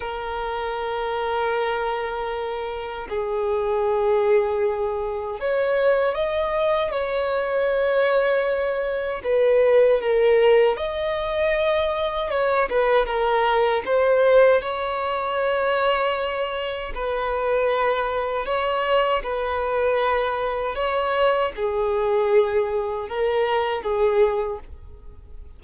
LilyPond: \new Staff \with { instrumentName = "violin" } { \time 4/4 \tempo 4 = 78 ais'1 | gis'2. cis''4 | dis''4 cis''2. | b'4 ais'4 dis''2 |
cis''8 b'8 ais'4 c''4 cis''4~ | cis''2 b'2 | cis''4 b'2 cis''4 | gis'2 ais'4 gis'4 | }